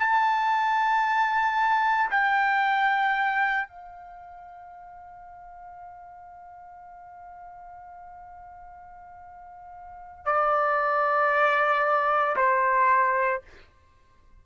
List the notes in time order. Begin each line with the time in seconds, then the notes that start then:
0.00 A5
2.11 G5
3.68 F5
10.26 D5
12.37 C5